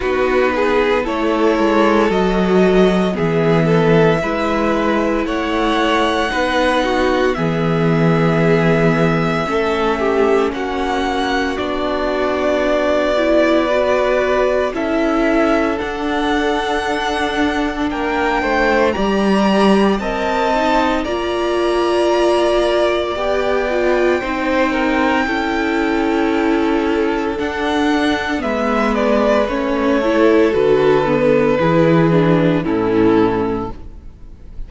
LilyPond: <<
  \new Staff \with { instrumentName = "violin" } { \time 4/4 \tempo 4 = 57 b'4 cis''4 dis''4 e''4~ | e''4 fis''2 e''4~ | e''2 fis''4 d''4~ | d''2 e''4 fis''4~ |
fis''4 g''4 ais''4 a''4 | ais''2 g''2~ | g''2 fis''4 e''8 d''8 | cis''4 b'2 a'4 | }
  \new Staff \with { instrumentName = "violin" } { \time 4/4 fis'8 gis'8 a'2 gis'8 a'8 | b'4 cis''4 b'8 fis'8 gis'4~ | gis'4 a'8 g'8 fis'2~ | fis'4 b'4 a'2~ |
a'4 ais'8 c''8 d''4 dis''4 | d''2. c''8 ais'8 | a'2. b'4~ | b'8 a'4. gis'4 e'4 | }
  \new Staff \with { instrumentName = "viola" } { \time 4/4 dis'4 e'4 fis'4 b4 | e'2 dis'4 b4~ | b4 cis'2 d'4~ | d'8 e'8 fis'4 e'4 d'4~ |
d'2 g'4 ais'8 dis'8 | f'2 g'8 f'8 dis'4 | e'2 d'4 b4 | cis'8 e'8 fis'8 b8 e'8 d'8 cis'4 | }
  \new Staff \with { instrumentName = "cello" } { \time 4/4 b4 a8 gis8 fis4 e4 | gis4 a4 b4 e4~ | e4 a4 ais4 b4~ | b2 cis'4 d'4~ |
d'4 ais8 a8 g4 c'4 | ais2 b4 c'4 | cis'2 d'4 gis4 | a4 d4 e4 a,4 | }
>>